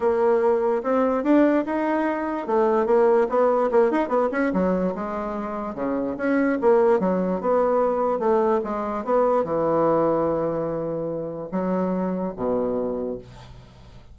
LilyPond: \new Staff \with { instrumentName = "bassoon" } { \time 4/4 \tempo 4 = 146 ais2 c'4 d'4 | dis'2 a4 ais4 | b4 ais8 dis'8 b8 cis'8 fis4 | gis2 cis4 cis'4 |
ais4 fis4 b2 | a4 gis4 b4 e4~ | e1 | fis2 b,2 | }